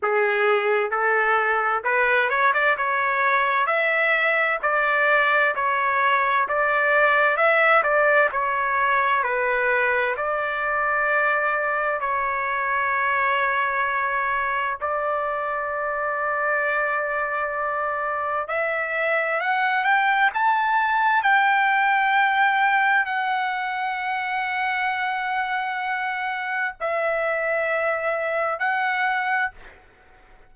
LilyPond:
\new Staff \with { instrumentName = "trumpet" } { \time 4/4 \tempo 4 = 65 gis'4 a'4 b'8 cis''16 d''16 cis''4 | e''4 d''4 cis''4 d''4 | e''8 d''8 cis''4 b'4 d''4~ | d''4 cis''2. |
d''1 | e''4 fis''8 g''8 a''4 g''4~ | g''4 fis''2.~ | fis''4 e''2 fis''4 | }